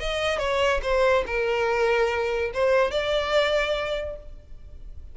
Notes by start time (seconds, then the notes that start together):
0.00 D#5
0.39 C#5
0.83 C5
1.27 A#4
2.54 C5
2.91 D5